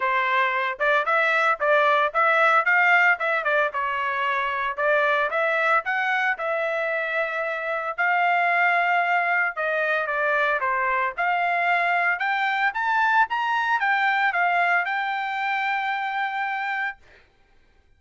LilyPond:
\new Staff \with { instrumentName = "trumpet" } { \time 4/4 \tempo 4 = 113 c''4. d''8 e''4 d''4 | e''4 f''4 e''8 d''8 cis''4~ | cis''4 d''4 e''4 fis''4 | e''2. f''4~ |
f''2 dis''4 d''4 | c''4 f''2 g''4 | a''4 ais''4 g''4 f''4 | g''1 | }